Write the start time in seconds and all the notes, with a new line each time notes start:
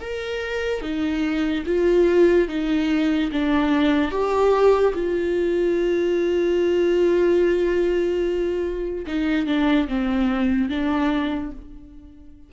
0.00 A#4
0.81 D#4
1.66 F4
2.48 D#4
3.32 D4
4.11 G4
4.94 F4
9.06 D#4
9.46 D4
9.87 C4
10.69 D4